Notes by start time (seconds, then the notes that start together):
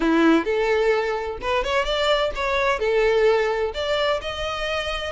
0.00 E4
0.45 A4
1.41 B4
1.63 C#5
1.84 D5
2.35 C#5
2.79 A4
3.74 D5
4.21 D#5